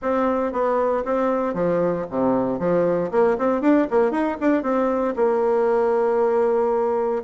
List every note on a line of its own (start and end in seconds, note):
0.01 0.52 C4
0.52 1.04 B3
1.05 1.54 C4
1.54 2.05 F3
2.10 2.59 C3
2.59 3.10 F3
3.11 3.37 A#3
3.38 3.61 C4
3.61 3.87 D4
3.90 4.11 A#3
4.11 4.37 D#4
4.40 4.62 D4
4.62 5.14 C4
5.16 7.22 A#3